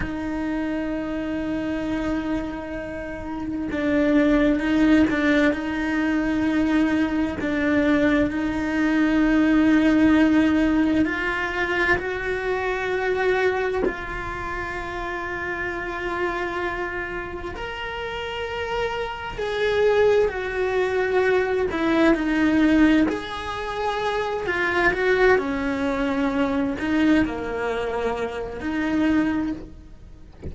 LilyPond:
\new Staff \with { instrumentName = "cello" } { \time 4/4 \tempo 4 = 65 dis'1 | d'4 dis'8 d'8 dis'2 | d'4 dis'2. | f'4 fis'2 f'4~ |
f'2. ais'4~ | ais'4 gis'4 fis'4. e'8 | dis'4 gis'4. f'8 fis'8 cis'8~ | cis'4 dis'8 ais4. dis'4 | }